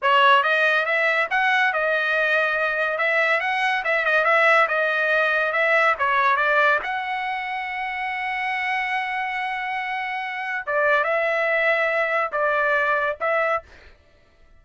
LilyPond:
\new Staff \with { instrumentName = "trumpet" } { \time 4/4 \tempo 4 = 141 cis''4 dis''4 e''4 fis''4 | dis''2. e''4 | fis''4 e''8 dis''8 e''4 dis''4~ | dis''4 e''4 cis''4 d''4 |
fis''1~ | fis''1~ | fis''4 d''4 e''2~ | e''4 d''2 e''4 | }